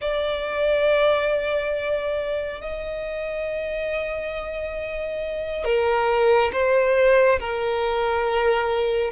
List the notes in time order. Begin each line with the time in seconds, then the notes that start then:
0.01 D5
2.61 D#5
5.64 A#4
6.52 C5
7.39 A#4